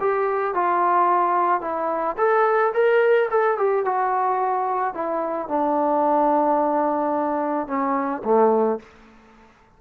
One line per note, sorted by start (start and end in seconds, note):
0.00 0.54 G4
0.54 1.61 F4
1.61 2.16 E4
2.17 2.72 A4
2.73 3.29 A#4
3.30 3.57 A4
3.57 3.85 G4
3.85 4.94 F#4
4.94 5.48 E4
5.48 7.67 D4
7.67 8.22 C#4
8.24 8.79 A3